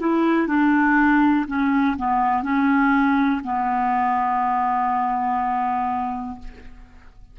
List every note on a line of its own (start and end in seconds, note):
0.00 0.48 E4
0.48 1.46 D4
1.48 1.97 C#4
1.98 2.43 B3
2.43 3.42 C#4
3.44 6.39 B3